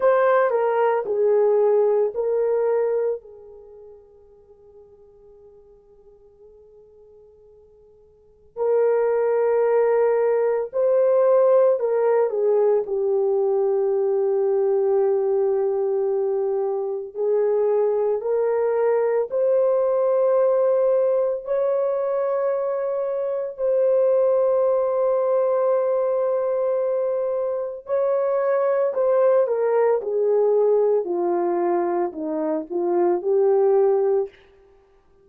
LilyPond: \new Staff \with { instrumentName = "horn" } { \time 4/4 \tempo 4 = 56 c''8 ais'8 gis'4 ais'4 gis'4~ | gis'1 | ais'2 c''4 ais'8 gis'8 | g'1 |
gis'4 ais'4 c''2 | cis''2 c''2~ | c''2 cis''4 c''8 ais'8 | gis'4 f'4 dis'8 f'8 g'4 | }